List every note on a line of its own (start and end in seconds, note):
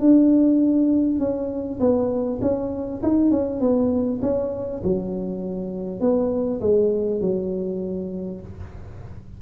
0.00 1.19 D4
1.19 1.79 C#4
1.79 2.39 B3
2.41 3.01 C#4
3.02 3.30 D#4
3.30 3.60 C#4
3.60 4.20 B3
4.22 4.82 C#4
4.83 6.00 F#3
6.00 6.60 B3
6.60 7.20 G#3
7.20 8.40 F#3